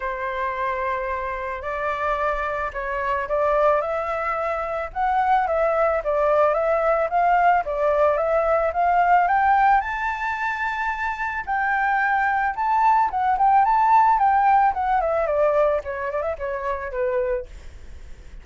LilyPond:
\new Staff \with { instrumentName = "flute" } { \time 4/4 \tempo 4 = 110 c''2. d''4~ | d''4 cis''4 d''4 e''4~ | e''4 fis''4 e''4 d''4 | e''4 f''4 d''4 e''4 |
f''4 g''4 a''2~ | a''4 g''2 a''4 | fis''8 g''8 a''4 g''4 fis''8 e''8 | d''4 cis''8 d''16 e''16 cis''4 b'4 | }